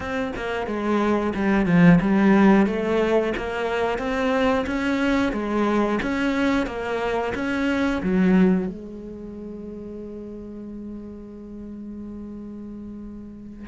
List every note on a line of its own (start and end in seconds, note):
0.00 0.32 C4
0.36 0.66 A#3
0.66 1.33 G#3
1.34 1.65 G3
1.65 1.99 F3
2.00 2.66 G3
2.66 3.33 A3
3.36 3.98 A#3
3.98 4.65 C4
4.66 5.32 C#4
5.32 5.99 G#3
6.02 6.66 C#4
6.66 7.33 A#3
7.35 8.01 C#4
8.02 8.67 F#3
8.67 13.67 G#3